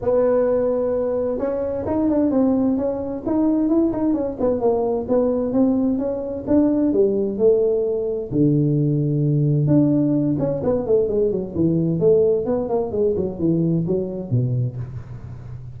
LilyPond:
\new Staff \with { instrumentName = "tuba" } { \time 4/4 \tempo 4 = 130 b2. cis'4 | dis'8 d'8 c'4 cis'4 dis'4 | e'8 dis'8 cis'8 b8 ais4 b4 | c'4 cis'4 d'4 g4 |
a2 d2~ | d4 d'4. cis'8 b8 a8 | gis8 fis8 e4 a4 b8 ais8 | gis8 fis8 e4 fis4 b,4 | }